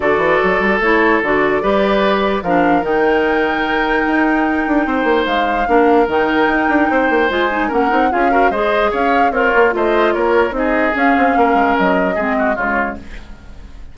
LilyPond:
<<
  \new Staff \with { instrumentName = "flute" } { \time 4/4 \tempo 4 = 148 d''2 cis''4 d''4~ | d''2 f''4 g''4~ | g''1~ | g''4 f''2 g''4~ |
g''2 gis''4 fis''4 | f''4 dis''4 f''4 cis''4 | dis''4 cis''4 dis''4 f''4~ | f''4 dis''2 cis''4 | }
  \new Staff \with { instrumentName = "oboe" } { \time 4/4 a'1 | b'2 ais'2~ | ais'1 | c''2 ais'2~ |
ais'4 c''2 ais'4 | gis'8 ais'8 c''4 cis''4 f'4 | c''4 ais'4 gis'2 | ais'2 gis'8 fis'8 f'4 | }
  \new Staff \with { instrumentName = "clarinet" } { \time 4/4 fis'2 e'4 fis'4 | g'2 d'4 dis'4~ | dis'1~ | dis'2 d'4 dis'4~ |
dis'2 f'8 dis'8 cis'8 dis'8 | f'8 fis'8 gis'2 ais'4 | f'2 dis'4 cis'4~ | cis'2 c'4 gis4 | }
  \new Staff \with { instrumentName = "bassoon" } { \time 4/4 d8 e8 fis8 g8 a4 d4 | g2 f4 dis4~ | dis2 dis'4. d'8 | c'8 ais8 gis4 ais4 dis4 |
dis'8 d'8 c'8 ais8 gis4 ais8 c'8 | cis'4 gis4 cis'4 c'8 ais8 | a4 ais4 c'4 cis'8 c'8 | ais8 gis8 fis4 gis4 cis4 | }
>>